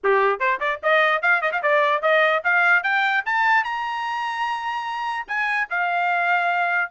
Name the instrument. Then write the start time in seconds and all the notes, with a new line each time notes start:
trumpet
0.03 G4
0.39 C5
0.60 D5
0.83 D#5
1.22 F5
1.41 D#5
1.51 F5
1.62 D5
2.02 D#5
2.43 F5
2.83 G5
3.25 A5
3.64 A#5
5.27 G#5
5.69 F5